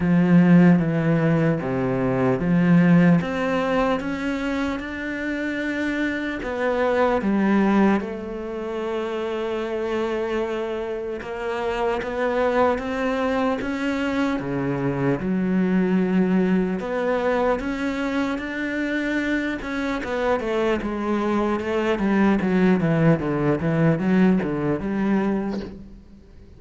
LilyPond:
\new Staff \with { instrumentName = "cello" } { \time 4/4 \tempo 4 = 75 f4 e4 c4 f4 | c'4 cis'4 d'2 | b4 g4 a2~ | a2 ais4 b4 |
c'4 cis'4 cis4 fis4~ | fis4 b4 cis'4 d'4~ | d'8 cis'8 b8 a8 gis4 a8 g8 | fis8 e8 d8 e8 fis8 d8 g4 | }